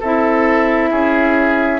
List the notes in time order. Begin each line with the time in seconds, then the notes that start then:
0.00 C4 E4 A4 E5
0.91 C#4 G#4